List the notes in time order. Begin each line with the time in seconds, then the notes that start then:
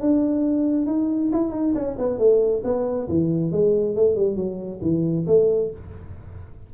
0.00 D4
0.86 D#4
1.32 E4
1.51 D#4
1.74 C#4
1.98 B3
2.18 A3
2.64 B3
3.08 E3
3.51 G#3
3.95 A3
4.15 G3
4.36 F#3
4.81 E3
5.27 A3